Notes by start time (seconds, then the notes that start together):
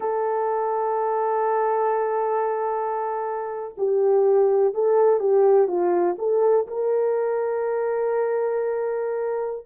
0.00 A4
3.77 G4
4.74 A4
5.19 G4
5.67 F4
6.18 A4
6.67 A#4